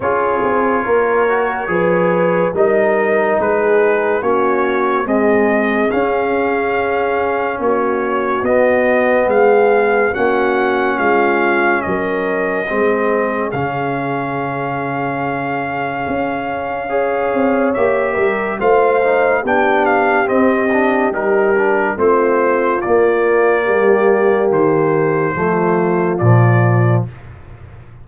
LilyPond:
<<
  \new Staff \with { instrumentName = "trumpet" } { \time 4/4 \tempo 4 = 71 cis''2. dis''4 | b'4 cis''4 dis''4 f''4~ | f''4 cis''4 dis''4 f''4 | fis''4 f''4 dis''2 |
f''1~ | f''4 e''4 f''4 g''8 f''8 | dis''4 ais'4 c''4 d''4~ | d''4 c''2 d''4 | }
  \new Staff \with { instrumentName = "horn" } { \time 4/4 gis'4 ais'4 b'4 ais'4 | gis'4 fis'4 gis'2~ | gis'4 fis'2 gis'4 | fis'4 f'4 ais'4 gis'4~ |
gis'1 | cis''4. ais'8 c''4 g'4~ | g'2 f'2 | g'2 f'2 | }
  \new Staff \with { instrumentName = "trombone" } { \time 4/4 f'4. fis'8 gis'4 dis'4~ | dis'4 cis'4 gis4 cis'4~ | cis'2 b2 | cis'2. c'4 |
cis'1 | gis'4 g'4 f'8 dis'8 d'4 | c'8 d'8 dis'8 d'8 c'4 ais4~ | ais2 a4 f4 | }
  \new Staff \with { instrumentName = "tuba" } { \time 4/4 cis'8 c'8 ais4 f4 g4 | gis4 ais4 c'4 cis'4~ | cis'4 ais4 b4 gis4 | ais4 gis4 fis4 gis4 |
cis2. cis'4~ | cis'8 c'8 ais8 g8 a4 b4 | c'4 g4 a4 ais4 | g4 dis4 f4 ais,4 | }
>>